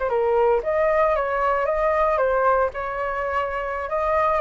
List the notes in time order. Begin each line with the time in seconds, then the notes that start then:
0.00 C5
0.09 A#4
0.64 D#5
1.16 C#5
1.66 D#5
2.18 C5
2.74 C#5
3.90 D#5